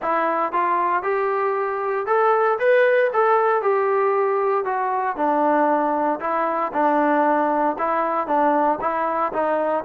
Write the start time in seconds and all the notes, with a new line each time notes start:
0.02 E4
0.52 F4
1.03 G4
2.06 A4
2.59 B4
3.13 A4
3.62 G4
4.64 F#4
5.16 D4
6.20 E4
6.73 D4
7.78 E4
8.27 D4
8.80 E4
9.32 D#4